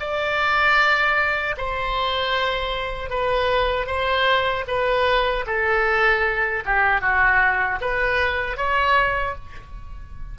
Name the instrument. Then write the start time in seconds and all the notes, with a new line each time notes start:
oboe
0.00 D5
1.58 C5
3.10 B4
3.87 C5
4.68 B4
5.47 A4
6.66 G4
7.01 F#4
7.81 B4
8.57 C#5